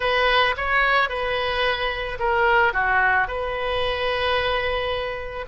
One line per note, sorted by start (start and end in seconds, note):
0.00 0.55 B4
0.56 1.09 C#5
1.09 2.18 B4
2.19 2.73 A#4
2.73 3.27 F#4
3.27 5.45 B4